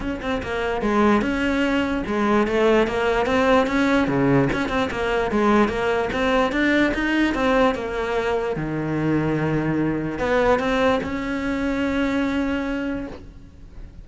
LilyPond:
\new Staff \with { instrumentName = "cello" } { \time 4/4 \tempo 4 = 147 cis'8 c'8 ais4 gis4 cis'4~ | cis'4 gis4 a4 ais4 | c'4 cis'4 cis4 cis'8 c'8 | ais4 gis4 ais4 c'4 |
d'4 dis'4 c'4 ais4~ | ais4 dis2.~ | dis4 b4 c'4 cis'4~ | cis'1 | }